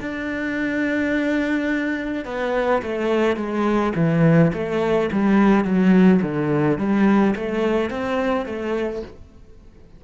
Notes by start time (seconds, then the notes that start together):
0.00 D4
2.25 B3
2.82 A3
3.37 G#3
3.95 E3
4.53 A3
5.13 G3
5.64 F#3
6.22 D3
6.78 G3
7.36 A3
7.90 C4
8.46 A3